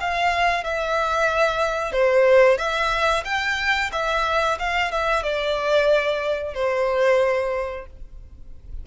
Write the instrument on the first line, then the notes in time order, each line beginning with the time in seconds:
violin
0.00 F5
0.64 E5
1.92 C5
2.58 E5
3.25 G5
3.92 E5
4.59 F5
4.92 E5
5.23 D5
6.54 C5